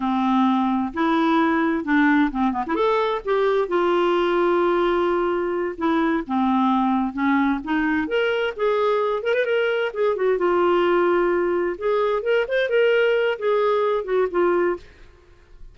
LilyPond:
\new Staff \with { instrumentName = "clarinet" } { \time 4/4 \tempo 4 = 130 c'2 e'2 | d'4 c'8 b16 e'16 a'4 g'4 | f'1~ | f'8 e'4 c'2 cis'8~ |
cis'8 dis'4 ais'4 gis'4. | ais'16 b'16 ais'4 gis'8 fis'8 f'4.~ | f'4. gis'4 ais'8 c''8 ais'8~ | ais'4 gis'4. fis'8 f'4 | }